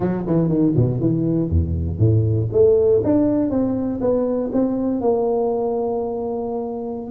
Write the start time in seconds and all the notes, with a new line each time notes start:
0.00 F#3
0.26 E3
0.48 D#3
0.76 B2
1.00 E3
1.49 E2
1.98 A2
2.52 A3
3.03 D4
3.50 C4
4.00 B3
4.52 C4
5.00 A#3